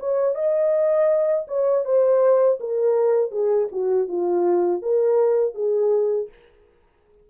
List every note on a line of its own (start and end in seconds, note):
0.00 0.35 C#5
0.35 1.46 D#5
1.48 1.85 C#5
1.85 2.59 C5
2.60 3.31 A#4
3.31 3.68 G#4
3.72 4.08 F#4
4.08 4.82 F4
4.82 5.55 A#4
5.55 6.29 G#4